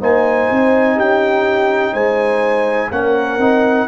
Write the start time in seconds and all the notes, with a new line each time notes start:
0.00 A#3 D#4 C5 G#5
0.50 C4
0.96 C#4 G4 G5
1.93 G#3 C5 G#5
2.91 A#3 C#4 A#4 F#5
3.38 C4 D#4